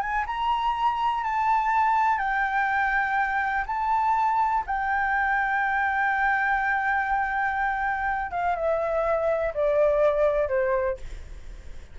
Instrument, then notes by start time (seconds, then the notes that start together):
flute
0.00 G#5
0.26 A#5
1.23 A5
2.18 G5
3.66 A5
4.66 G5
8.31 F5
8.55 E5
9.54 D5
10.48 C5